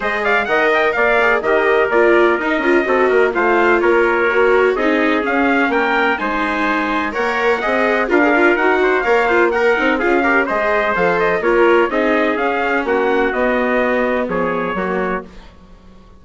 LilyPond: <<
  \new Staff \with { instrumentName = "trumpet" } { \time 4/4 \tempo 4 = 126 dis''8 f''8 fis''8 g''8 f''4 dis''4 | d''4 dis''2 f''4 | cis''2 dis''4 f''4 | g''4 gis''2 fis''4~ |
fis''4 f''4 fis''4 f''4 | fis''4 f''4 dis''4 f''8 dis''8 | cis''4 dis''4 f''4 fis''4 | dis''2 cis''2 | }
  \new Staff \with { instrumentName = "trumpet" } { \time 4/4 c''8 d''8 dis''4 d''4 ais'4~ | ais'2 a'8 ais'8 c''4 | ais'2 gis'2 | ais'4 c''2 cis''4 |
dis''4 ais'4. c''8 cis''8 c''8 | ais'4 gis'8 ais'8 c''2 | ais'4 gis'2 fis'4~ | fis'2 gis'4 fis'4 | }
  \new Staff \with { instrumentName = "viola" } { \time 4/4 gis'4 ais'4. gis'8 g'4 | f'4 dis'8 f'8 fis'4 f'4~ | f'4 fis'4 dis'4 cis'4~ | cis'4 dis'2 ais'4 |
gis'4 f'16 gis'16 f'8 fis'4 ais'8 f'8 | ais'8 dis'8 f'8 g'8 gis'4 a'4 | f'4 dis'4 cis'2 | b2. ais4 | }
  \new Staff \with { instrumentName = "bassoon" } { \time 4/4 gis4 dis4 ais4 dis4 | ais4 dis'8 cis'8 c'8 ais8 a4 | ais2 c'4 cis'4 | ais4 gis2 ais4 |
c'4 d'4 dis'4 ais4~ | ais8 c'8 cis'4 gis4 f4 | ais4 c'4 cis'4 ais4 | b2 f4 fis4 | }
>>